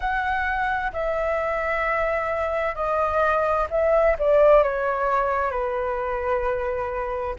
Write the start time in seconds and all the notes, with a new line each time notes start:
0.00 F#5
0.92 E5
2.74 D#5
3.70 E5
4.18 D5
4.63 C#5
5.50 B4